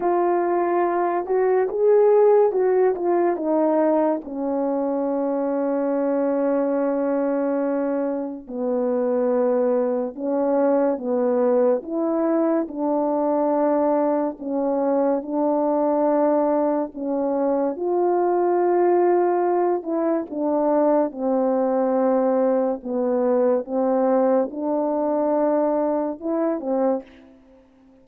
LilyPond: \new Staff \with { instrumentName = "horn" } { \time 4/4 \tempo 4 = 71 f'4. fis'8 gis'4 fis'8 f'8 | dis'4 cis'2.~ | cis'2 b2 | cis'4 b4 e'4 d'4~ |
d'4 cis'4 d'2 | cis'4 f'2~ f'8 e'8 | d'4 c'2 b4 | c'4 d'2 e'8 c'8 | }